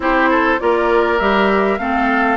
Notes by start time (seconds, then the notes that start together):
0.00 C4 E4 G4 C5
0.29 A4
0.59 A#3 F4 A#4 D5
1.18 G3 G4 E5
1.78 A3 C4 A4 F5